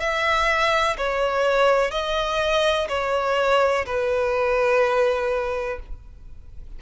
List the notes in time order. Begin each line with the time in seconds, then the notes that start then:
0.00 E5
0.97 C#5
1.91 D#5
2.89 C#5
3.86 B4